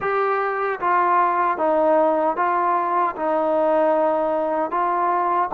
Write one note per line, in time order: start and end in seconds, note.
0.00 0.79 G4
0.79 1.57 F4
1.57 2.36 D#4
2.36 3.15 F4
3.16 4.70 D#4
4.70 5.49 F4